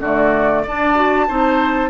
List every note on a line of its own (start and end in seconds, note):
0.00 0.63 D3
0.00 0.66 A3
0.00 0.63 F#4
0.00 0.65 D5
0.63 0.95 D4
0.63 1.29 D4
0.63 1.26 D5
0.63 1.90 A5
0.95 1.26 F#4
1.28 1.90 C4
1.28 1.90 D#4
1.28 1.90 C5